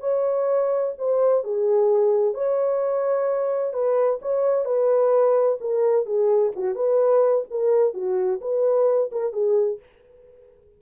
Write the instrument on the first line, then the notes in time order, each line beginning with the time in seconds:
horn
0.00 C#5
0.98 C5
1.44 G#4
2.34 C#5
3.74 B4
4.22 C#5
4.65 B4
5.61 A#4
6.06 G#4
6.56 F#4
6.75 B4
7.51 A#4
7.94 F#4
8.41 B4
9.12 A#4
9.33 G#4